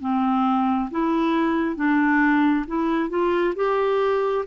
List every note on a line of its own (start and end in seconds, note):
0.00 0.90 C4
0.90 1.76 E4
1.76 2.65 D4
2.67 3.09 E4
3.09 3.54 F4
3.55 4.45 G4